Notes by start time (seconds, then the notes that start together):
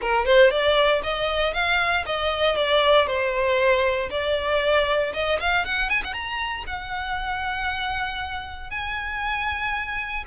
0.01 A#4
0.25 C5
0.50 D5
1.03 D#5
1.53 F5
2.06 D#5
2.55 D5
3.06 C5
4.10 D5
5.13 D#5
5.40 F5
5.65 F#5
5.89 G#5
6.04 F#5
6.13 A#5
6.66 F#5
8.70 G#5